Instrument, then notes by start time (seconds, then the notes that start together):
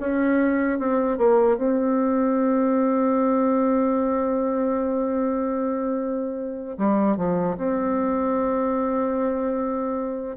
bassoon
0.00 C#4
0.79 C4
1.17 A#3
1.57 C4
6.78 G3
7.17 F3
7.57 C4